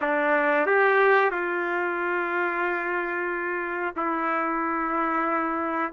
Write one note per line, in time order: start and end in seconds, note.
0.01 0.66 D4
0.66 1.30 G4
1.30 3.94 F4
3.96 5.93 E4